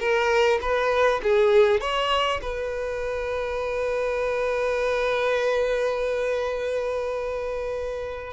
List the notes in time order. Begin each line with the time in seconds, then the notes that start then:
0.00 A#4
0.62 B4
1.23 G#4
1.81 C#5
2.42 B4